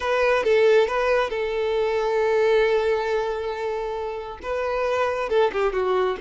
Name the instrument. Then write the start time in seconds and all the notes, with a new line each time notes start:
violin
0.00 B4
0.43 A4
0.87 B4
1.30 A4
4.42 B4
5.29 A4
5.52 G4
5.72 F#4